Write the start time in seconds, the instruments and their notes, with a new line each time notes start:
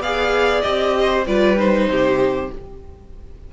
0.00 cello B3, viola G#4, violin D5 F5
0.61 cello C4, viola G4, violin D#5
1.01 violin C5
1.27 cello G3, viola F4, violin B4 D5
1.57 viola D#4, violin C5
1.88 cello C3, violin G4